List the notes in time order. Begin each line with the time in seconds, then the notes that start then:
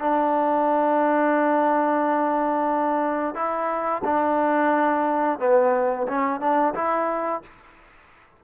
0.00 D4
3.35 E4
4.04 D4
5.40 B3
6.08 C#4
6.41 D4
6.75 E4